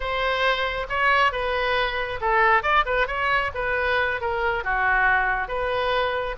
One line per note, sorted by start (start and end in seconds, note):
0.00 0.87 C5
0.89 1.32 C#5
1.32 2.20 B4
2.21 2.62 A4
2.62 2.85 D5
2.85 3.07 B4
3.07 3.51 C#5
3.54 4.20 B4
4.20 4.64 A#4
4.64 5.47 F#4
5.47 6.36 B4